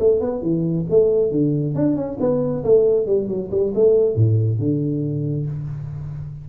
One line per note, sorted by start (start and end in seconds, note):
0.00 0.21 A3
0.21 0.42 B3
0.42 0.86 E3
0.90 1.31 A3
1.31 1.75 D3
1.75 1.96 D4
1.96 2.18 C#4
2.20 2.64 B3
2.65 3.07 A3
3.07 3.28 G3
3.28 3.50 F#3
3.52 3.74 G3
3.75 4.16 A3
4.16 4.59 A2
4.59 5.47 D3